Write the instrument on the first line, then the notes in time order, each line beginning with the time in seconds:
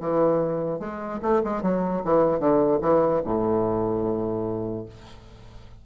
bassoon
0.00 E3
0.79 G#3
1.22 A3
1.44 G#3
1.62 F#3
2.05 E3
2.39 D3
2.82 E3
3.24 A2